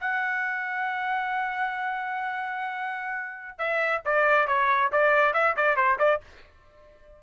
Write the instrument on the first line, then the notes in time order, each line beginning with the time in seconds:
trumpet
0.00 F#5
3.58 E5
4.05 D5
4.47 C#5
4.92 D5
5.34 E5
5.57 D5
5.76 C5
5.99 D5